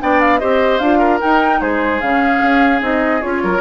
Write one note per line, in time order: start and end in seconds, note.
0.00 0.42 B3
0.00 0.40 D4
0.00 0.40 D5
0.00 0.20 G5
0.20 0.39 F5
0.39 0.80 C4
0.39 0.80 G4
0.39 0.99 C5
0.39 0.79 D#5
0.79 1.20 D4
0.79 1.20 F4
0.79 1.19 F5
0.99 1.59 A#4
1.20 2.01 D#4
1.20 1.61 D#4
1.20 1.61 G5
1.61 2.01 G#3
1.61 3.43 G#4
1.61 2.01 C5
2.01 2.42 C#3
2.01 2.80 C#4
2.01 2.81 F5
2.42 2.82 C#4
2.80 3.22 C4
2.80 3.20 D#4
2.80 3.22 D#5
3.21 3.44 C#4
3.21 3.61 F4
3.21 3.61 C#5
3.44 3.61 F#3
3.44 3.61 A#4